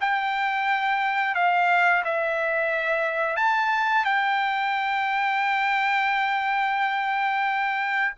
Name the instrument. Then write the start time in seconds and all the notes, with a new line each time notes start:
trumpet
0.00 G5
1.35 F5
2.04 E5
3.36 A5
4.04 G5